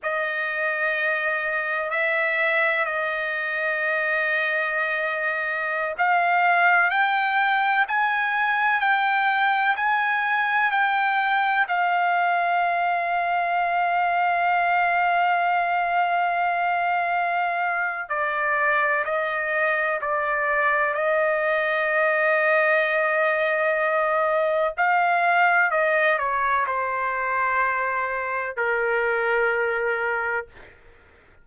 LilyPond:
\new Staff \with { instrumentName = "trumpet" } { \time 4/4 \tempo 4 = 63 dis''2 e''4 dis''4~ | dis''2~ dis''16 f''4 g''8.~ | g''16 gis''4 g''4 gis''4 g''8.~ | g''16 f''2.~ f''8.~ |
f''2. d''4 | dis''4 d''4 dis''2~ | dis''2 f''4 dis''8 cis''8 | c''2 ais'2 | }